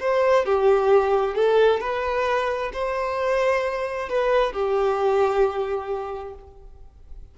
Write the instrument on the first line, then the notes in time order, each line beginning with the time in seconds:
violin
0.00 C5
0.46 G4
1.35 A4
1.81 B4
2.73 C5
4.09 B4
4.53 G4